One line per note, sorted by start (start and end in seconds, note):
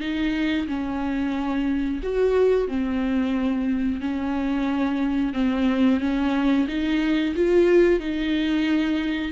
0.00 0.67 D#4
0.67 2.01 C#4
2.03 2.68 F#4
2.68 4.00 C4
4.00 5.33 C#4
5.33 6.00 C4
6.00 6.67 C#4
6.68 7.34 D#4
7.35 8.00 F4
8.00 9.32 D#4